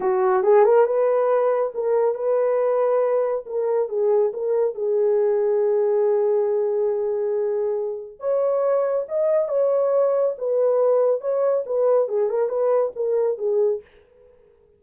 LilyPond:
\new Staff \with { instrumentName = "horn" } { \time 4/4 \tempo 4 = 139 fis'4 gis'8 ais'8 b'2 | ais'4 b'2. | ais'4 gis'4 ais'4 gis'4~ | gis'1~ |
gis'2. cis''4~ | cis''4 dis''4 cis''2 | b'2 cis''4 b'4 | gis'8 ais'8 b'4 ais'4 gis'4 | }